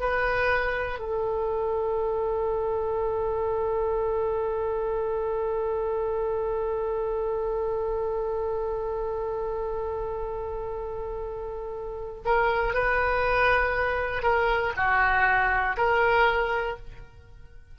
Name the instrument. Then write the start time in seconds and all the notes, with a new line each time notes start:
oboe
0.00 B4
0.99 A4
12.25 A#4
12.74 B4
14.23 A#4
14.76 F#4
15.77 A#4